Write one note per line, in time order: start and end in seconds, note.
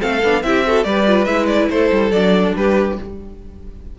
0.00 0.23 A3
0.00 0.21 C4
0.00 0.43 A4
0.00 0.43 F5
0.23 0.44 B3
0.23 0.44 D4
0.43 0.85 C4
0.43 0.65 E4
0.43 0.67 G4
0.43 0.84 E5
0.67 0.85 F#4
0.67 0.87 A4
0.84 1.27 G3
0.84 1.06 G4
0.84 1.72 B4
0.84 1.25 D5
1.07 1.27 F4
1.25 1.70 G#3
1.25 2.12 E4
1.25 1.46 E5
1.47 1.68 D5
1.70 1.91 A3
1.70 2.57 A4
1.70 2.12 C5
1.92 2.11 G3
2.11 2.54 F#3
2.11 2.99 D4
2.11 2.54 D5
2.57 2.99 G3
2.57 2.99 G4
2.57 3.00 B4